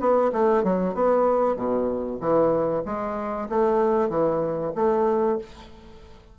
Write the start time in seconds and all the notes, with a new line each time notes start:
0.00 B3
0.33 A3
0.64 F#3
0.95 B3
1.56 B2
2.20 E3
2.85 G#3
3.49 A3
4.09 E3
4.76 A3